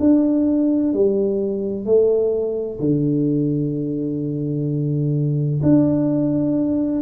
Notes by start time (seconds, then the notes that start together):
0.00 D4
0.93 G3
1.86 A3
2.80 D3
5.63 D4